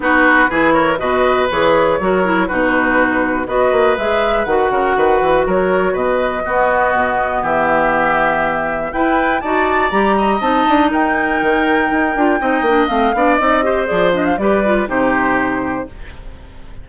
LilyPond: <<
  \new Staff \with { instrumentName = "flute" } { \time 4/4 \tempo 4 = 121 b'4. cis''8 dis''4 cis''4~ | cis''4 b'2 dis''4 | e''4 fis''2 cis''4 | dis''2. e''4~ |
e''2 g''4 a''4 | ais''4 a''4 g''2~ | g''2 f''4 dis''4 | d''8 dis''16 f''16 d''4 c''2 | }
  \new Staff \with { instrumentName = "oboe" } { \time 4/4 fis'4 gis'8 ais'8 b'2 | ais'4 fis'2 b'4~ | b'4. ais'8 b'4 ais'4 | b'4 fis'2 g'4~ |
g'2 b'4 d''4~ | d''8 dis''4. ais'2~ | ais'4 dis''4. d''4 c''8~ | c''4 b'4 g'2 | }
  \new Staff \with { instrumentName = "clarinet" } { \time 4/4 dis'4 e'4 fis'4 gis'4 | fis'8 e'8 dis'2 fis'4 | gis'4 fis'2.~ | fis'4 b2.~ |
b2 e'4 fis'4 | g'4 dis'2.~ | dis'8 f'8 dis'8 d'8 c'8 d'8 dis'8 g'8 | gis'8 d'8 g'8 f'8 dis'2 | }
  \new Staff \with { instrumentName = "bassoon" } { \time 4/4 b4 e4 b,4 e4 | fis4 b,2 b8 ais8 | gis4 dis8 cis8 dis8 e8 fis4 | b,4 b4 b,4 e4~ |
e2 e'4 dis'4 | g4 c'8 d'8 dis'4 dis4 | dis'8 d'8 c'8 ais8 a8 b8 c'4 | f4 g4 c2 | }
>>